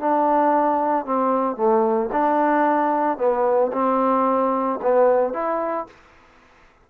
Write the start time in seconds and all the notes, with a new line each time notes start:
0.00 D4
1.06 C4
1.57 A3
2.13 D4
3.18 B3
3.73 C4
4.83 B3
5.34 E4